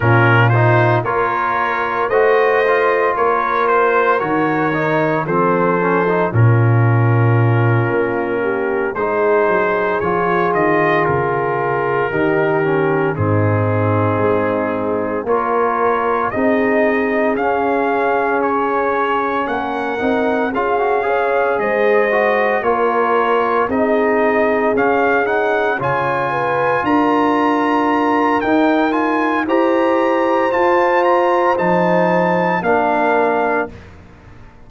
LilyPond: <<
  \new Staff \with { instrumentName = "trumpet" } { \time 4/4 \tempo 4 = 57 ais'8 c''8 cis''4 dis''4 cis''8 c''8 | cis''4 c''4 ais'2~ | ais'8 c''4 cis''8 dis''8 ais'4.~ | ais'8 gis'2 cis''4 dis''8~ |
dis''8 f''4 cis''4 fis''4 f''8~ | f''8 dis''4 cis''4 dis''4 f''8 | fis''8 gis''4 ais''4. g''8 gis''8 | ais''4 a''8 ais''8 a''4 f''4 | }
  \new Staff \with { instrumentName = "horn" } { \time 4/4 f'4 ais'4 c''4 ais'4~ | ais'4 a'4 f'2 | g'8 gis'2. g'8~ | g'8 dis'2 ais'4 gis'8~ |
gis'2~ gis'8 ais'4 gis'8 | cis''8 c''4 ais'4 gis'4.~ | gis'8 cis''8 b'8 ais'2~ ais'8 | c''2. ais'4 | }
  \new Staff \with { instrumentName = "trombone" } { \time 4/4 cis'8 dis'8 f'4 fis'8 f'4. | fis'8 dis'8 c'8 cis'16 dis'16 cis'2~ | cis'8 dis'4 f'2 dis'8 | cis'8 c'2 f'4 dis'8~ |
dis'8 cis'2~ cis'8 dis'8 f'16 fis'16 | gis'4 fis'8 f'4 dis'4 cis'8 | dis'8 f'2~ f'8 dis'8 f'8 | g'4 f'4 dis'4 d'4 | }
  \new Staff \with { instrumentName = "tuba" } { \time 4/4 ais,4 ais4 a4 ais4 | dis4 f4 ais,4. ais8~ | ais8 gis8 fis8 f8 dis8 cis4 dis8~ | dis8 gis,4 gis4 ais4 c'8~ |
c'8 cis'2 ais8 c'8 cis'8~ | cis'8 gis4 ais4 c'4 cis'8~ | cis'8 cis4 d'4. dis'4 | e'4 f'4 f4 ais4 | }
>>